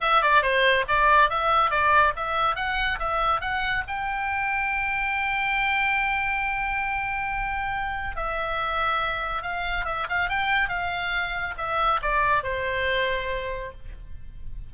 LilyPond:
\new Staff \with { instrumentName = "oboe" } { \time 4/4 \tempo 4 = 140 e''8 d''8 c''4 d''4 e''4 | d''4 e''4 fis''4 e''4 | fis''4 g''2.~ | g''1~ |
g''2. e''4~ | e''2 f''4 e''8 f''8 | g''4 f''2 e''4 | d''4 c''2. | }